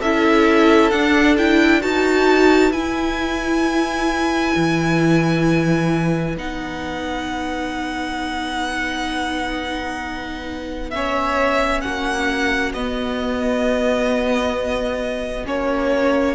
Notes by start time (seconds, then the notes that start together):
0.00 C#4 E4 A4 E5
0.91 D4 F#5
1.38 E4 G5
1.80 D#4 F#4 B4 A5
2.72 E4 G#5
4.56 E3
6.37 B3 D#4 F#5
10.91 C#4 C#5 E5
11.81 A#3 F#4 F#5
12.74 B3 D#5
15.45 A#3 C#4 C#5